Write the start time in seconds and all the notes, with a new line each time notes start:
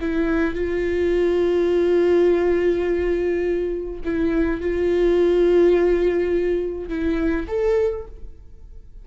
0.00 E4
0.54 F4
4.04 E4
4.60 F4
6.88 E4
7.47 A4